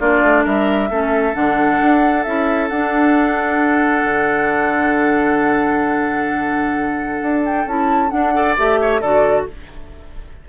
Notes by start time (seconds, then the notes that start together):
0.00 A#3 D4 F4 D5
0.22 A3
0.44 G3 A#4 E5
0.90 A3 C#4 A4
1.34 D3 D4 F#5
1.82 D4
2.23 C#4 E4 E5
2.69 D4 F#5
4.04 D3
7.22 D4
7.45 G5
7.66 C#4 E4 A5
8.09 D4 F#5
8.34 A4 D5
8.57 A3 G4 E5
8.81 C#5
9.01 D3 F#4 A4 D5